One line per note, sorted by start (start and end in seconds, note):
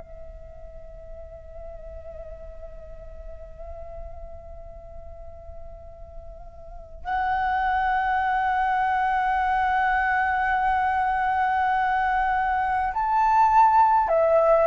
0.00 7.05 E5
7.05 12.93 F#5
12.94 14.09 A5
14.09 14.67 E5